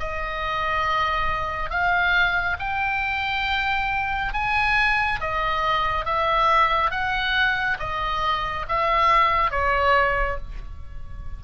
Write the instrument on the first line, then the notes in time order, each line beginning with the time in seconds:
oboe
0.00 D#5
1.70 F5
2.60 G5
4.34 G#5
5.21 D#5
6.06 E5
6.91 F#5
7.80 D#5
8.69 E5
9.51 C#5